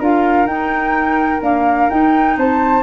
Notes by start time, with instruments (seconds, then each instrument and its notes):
0.00 tuba D4, clarinet F4, flute A#4 F5
0.46 tuba D#4, clarinet D#4, flute G5
1.41 clarinet A#3, tuba D4, flute F5
1.90 clarinet D#4, tuba D#4, flute G5
2.37 tuba C4, flute C5 A5